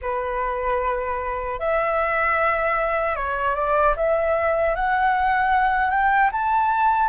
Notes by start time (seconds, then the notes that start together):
0.01 B4
1.59 E5
3.15 C#5
3.55 D5
3.96 E5
4.75 F#5
5.90 G5
6.32 A5